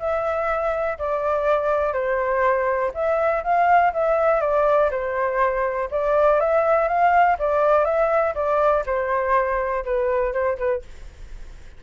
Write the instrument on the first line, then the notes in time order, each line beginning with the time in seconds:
flute
0.00 E5
0.99 D5
1.94 C5
2.95 E5
3.44 F5
3.94 E5
4.41 D5
4.91 C5
5.91 D5
6.40 E5
6.89 F5
7.39 D5
7.85 E5
8.35 D5
8.87 C5
9.85 B4
10.33 C5
10.58 B4